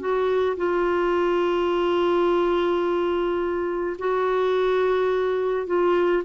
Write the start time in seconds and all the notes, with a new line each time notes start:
0.00 F#4
0.57 F4
3.99 F#4
5.67 F4